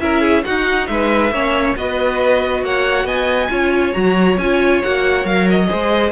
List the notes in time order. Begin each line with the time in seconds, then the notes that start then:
0.00 C#4 E4 A#4 E5
0.21 G#4
0.45 D#4 F#4 F#5
0.87 G#3 B4 E5
1.31 A#3 C#4 C#5
1.76 B3 F#4 B4 D#5
2.63 A#3 C#5 F#5
3.04 B3 D#5 G#5
3.50 C#4 F4 C#5
3.93 F#3 F#4 A#5
4.38 C#4 F4 G#5
4.83 A#3 F#4 F#5
5.24 F#3 A#4 F5
5.50 D#5
5.67 G#4 C5
5.73 G#3